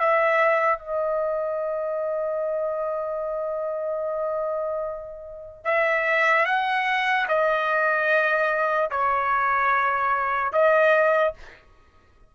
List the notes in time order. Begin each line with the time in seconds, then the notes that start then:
0.00 E5
0.79 D#5
5.65 E5
6.46 F#5
7.29 D#5
8.91 C#5
10.53 D#5